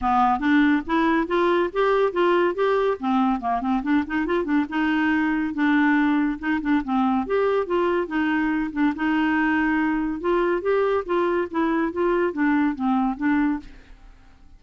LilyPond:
\new Staff \with { instrumentName = "clarinet" } { \time 4/4 \tempo 4 = 141 b4 d'4 e'4 f'4 | g'4 f'4 g'4 c'4 | ais8 c'8 d'8 dis'8 f'8 d'8 dis'4~ | dis'4 d'2 dis'8 d'8 |
c'4 g'4 f'4 dis'4~ | dis'8 d'8 dis'2. | f'4 g'4 f'4 e'4 | f'4 d'4 c'4 d'4 | }